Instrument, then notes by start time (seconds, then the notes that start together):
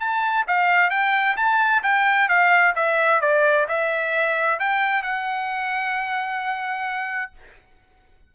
trumpet
0.00 A5
0.47 F5
0.90 G5
1.37 A5
1.83 G5
2.29 F5
2.75 E5
3.21 D5
3.68 E5
4.59 G5
5.03 F#5